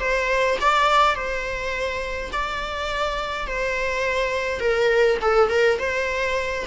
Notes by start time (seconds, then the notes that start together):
0.00 C5
0.61 D5
1.15 C5
2.32 D5
3.47 C5
4.60 A#4
5.22 A4
5.50 A#4
5.79 C5